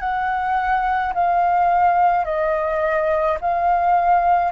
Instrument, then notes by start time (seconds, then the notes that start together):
flute
0.00 F#5
1.14 F5
2.25 D#5
3.41 F5